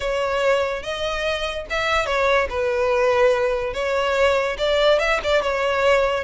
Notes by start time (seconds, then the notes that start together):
0.00 C#5
0.82 D#5
1.70 E5
2.05 C#5
2.49 B4
3.73 C#5
4.58 D5
4.99 E5
5.23 D5
5.42 C#5